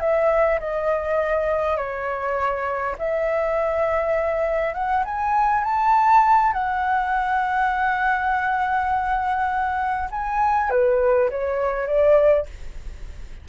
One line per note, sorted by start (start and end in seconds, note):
0.00 0.59 E5
0.60 1.77 D#5
1.77 2.96 C#5
2.99 4.74 E5
4.74 5.04 F#5
5.05 5.64 G#5
5.64 6.53 A5
6.53 10.09 F#5
10.11 10.70 G#5
10.70 11.30 B4
11.30 11.87 C#5
11.87 12.46 D5